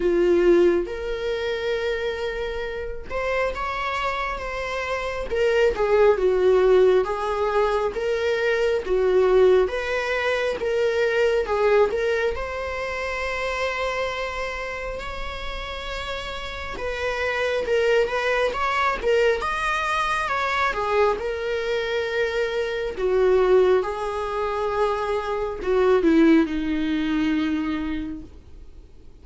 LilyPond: \new Staff \with { instrumentName = "viola" } { \time 4/4 \tempo 4 = 68 f'4 ais'2~ ais'8 c''8 | cis''4 c''4 ais'8 gis'8 fis'4 | gis'4 ais'4 fis'4 b'4 | ais'4 gis'8 ais'8 c''2~ |
c''4 cis''2 b'4 | ais'8 b'8 cis''8 ais'8 dis''4 cis''8 gis'8 | ais'2 fis'4 gis'4~ | gis'4 fis'8 e'8 dis'2 | }